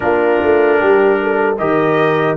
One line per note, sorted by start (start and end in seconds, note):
0.00 0.42 A#3
0.00 1.56 D4
0.00 0.78 F4
0.00 1.55 A#4
0.42 0.81 A3
0.78 1.59 G3
0.78 1.18 G4
1.22 1.59 A4
1.58 2.37 D#3
1.58 2.37 G4
1.58 2.37 A#4
1.58 2.37 D#5